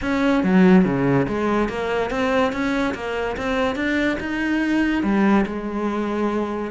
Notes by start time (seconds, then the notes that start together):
0.01 C#4
0.43 F#3
0.84 C#3
1.28 G#3
1.69 A#3
2.10 C4
2.52 C#4
2.94 A#3
3.36 C4
3.75 D4
4.20 D#4
5.03 G3
5.46 G#3